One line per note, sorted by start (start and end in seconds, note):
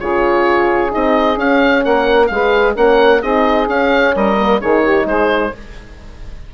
0.00 0.95 C#3
0.00 0.92 F4
0.00 1.85 G#4
0.00 0.92 C#5
0.92 1.37 C4
0.92 1.36 D#4
0.92 1.39 D#5
1.36 2.29 C#4
1.36 1.83 C#4
1.36 1.85 F5
1.85 2.30 A#3
1.85 2.31 A#4
1.85 2.27 F#5
2.27 2.77 G#3
2.27 2.76 G#4
2.27 2.73 F5
2.34 2.74 B4
2.74 3.23 A#3
2.74 3.22 C#4
2.74 3.20 A#4
2.74 3.22 F#5
3.22 3.68 C4
3.22 3.68 D#4
3.22 4.14 G#4
3.22 3.69 D#5
3.68 4.14 C#4
3.68 4.37 C#4
3.68 4.16 F5
4.15 4.62 G3
4.15 4.60 A#4
4.15 4.61 D#5
4.39 4.61 A#3
4.60 5.06 D#3
4.60 5.53 D#4
4.60 4.83 G#4
4.60 5.07 C#5
4.83 5.06 G4
5.06 5.52 G#3
5.06 5.53 G#4
5.06 5.54 C5